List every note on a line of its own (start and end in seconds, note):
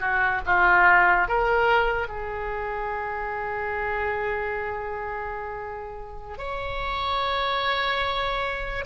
0.00 0.41 F#4
0.46 1.29 F4
1.29 2.08 A#4
2.08 6.38 G#4
6.38 8.85 C#5